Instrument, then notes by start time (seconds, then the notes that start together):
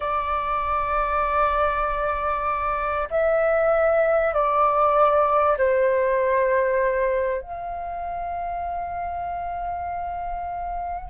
flute
0.00 D5
3.10 E5
4.33 D5
5.57 C5
7.41 F5